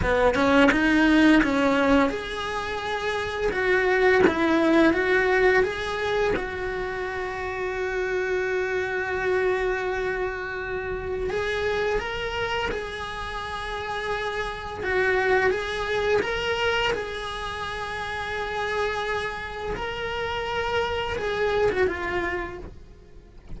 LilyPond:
\new Staff \with { instrumentName = "cello" } { \time 4/4 \tempo 4 = 85 b8 cis'8 dis'4 cis'4 gis'4~ | gis'4 fis'4 e'4 fis'4 | gis'4 fis'2.~ | fis'1 |
gis'4 ais'4 gis'2~ | gis'4 fis'4 gis'4 ais'4 | gis'1 | ais'2 gis'8. fis'16 f'4 | }